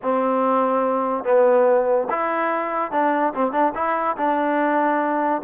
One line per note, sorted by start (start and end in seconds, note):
0.02 1.24 C4
1.24 2.07 B3
2.09 2.91 E4
2.91 3.33 D4
3.34 3.52 C4
3.52 3.73 D4
3.74 4.16 E4
4.17 5.42 D4